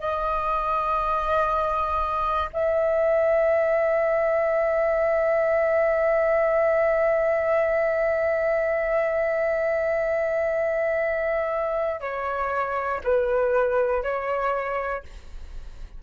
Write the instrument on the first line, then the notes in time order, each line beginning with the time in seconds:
flute
0.00 D#5
2.54 E5
12.01 C#5
13.05 B4
14.03 C#5